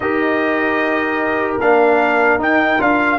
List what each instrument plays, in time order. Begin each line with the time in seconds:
0.00 tuba D#4, trombone G4, horn A#4, trumpet D#5
1.60 tuba A#3, trombone D4, trumpet F5
2.38 tuba D#4, trombone D#4, trumpet G5
2.79 tuba D4, trombone F4, trumpet F5